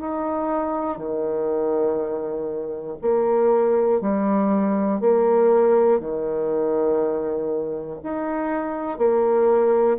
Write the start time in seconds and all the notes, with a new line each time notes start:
0.00 D#4
0.97 D#3
3.01 A#3
4.00 G3
5.00 A#3
5.99 D#3
8.03 D#4
8.98 A#3